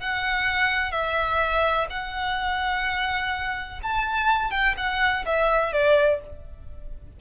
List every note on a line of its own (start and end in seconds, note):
0.00 0.92 F#5
0.92 1.87 E5
1.90 3.80 F#5
3.83 4.51 A5
4.51 4.75 G5
4.77 5.25 F#5
5.26 5.73 E5
5.73 6.21 D5